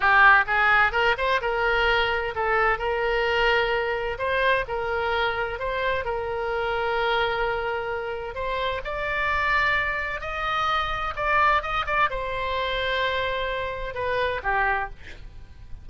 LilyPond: \new Staff \with { instrumentName = "oboe" } { \time 4/4 \tempo 4 = 129 g'4 gis'4 ais'8 c''8 ais'4~ | ais'4 a'4 ais'2~ | ais'4 c''4 ais'2 | c''4 ais'2.~ |
ais'2 c''4 d''4~ | d''2 dis''2 | d''4 dis''8 d''8 c''2~ | c''2 b'4 g'4 | }